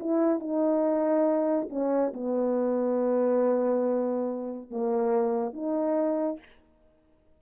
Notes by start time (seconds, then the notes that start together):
0.00 E4
0.40 D#4
1.70 C#4
2.14 B3
4.71 A#3
5.53 D#4